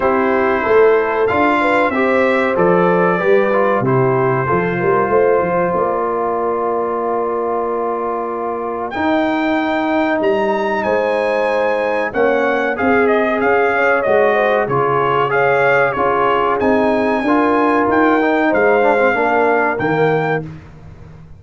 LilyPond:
<<
  \new Staff \with { instrumentName = "trumpet" } { \time 4/4 \tempo 4 = 94 c''2 f''4 e''4 | d''2 c''2~ | c''4 d''2.~ | d''2 g''2 |
ais''4 gis''2 fis''4 | f''8 dis''8 f''4 dis''4 cis''4 | f''4 cis''4 gis''2 | g''4 f''2 g''4 | }
  \new Staff \with { instrumentName = "horn" } { \time 4/4 g'4 a'4. b'8 c''4~ | c''4 b'4 g'4 a'8 ais'8 | c''4. ais'2~ ais'8~ | ais'1~ |
ais'4 c''2 cis''4 | gis'4. cis''4 c''8 gis'4 | cis''4 gis'2 ais'4~ | ais'4 c''4 ais'2 | }
  \new Staff \with { instrumentName = "trombone" } { \time 4/4 e'2 f'4 g'4 | a'4 g'8 f'8 e'4 f'4~ | f'1~ | f'2 dis'2~ |
dis'2. cis'4 | gis'2 fis'4 f'4 | gis'4 f'4 dis'4 f'4~ | f'8 dis'4 d'16 c'16 d'4 ais4 | }
  \new Staff \with { instrumentName = "tuba" } { \time 4/4 c'4 a4 d'4 c'4 | f4 g4 c4 f8 g8 | a8 f8 ais2.~ | ais2 dis'2 |
g4 gis2 ais4 | c'4 cis'4 gis4 cis4~ | cis4 cis'4 c'4 d'4 | dis'4 gis4 ais4 dis4 | }
>>